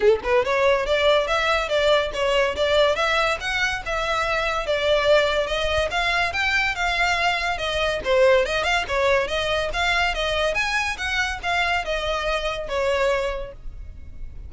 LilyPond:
\new Staff \with { instrumentName = "violin" } { \time 4/4 \tempo 4 = 142 a'8 b'8 cis''4 d''4 e''4 | d''4 cis''4 d''4 e''4 | fis''4 e''2 d''4~ | d''4 dis''4 f''4 g''4 |
f''2 dis''4 c''4 | dis''8 f''8 cis''4 dis''4 f''4 | dis''4 gis''4 fis''4 f''4 | dis''2 cis''2 | }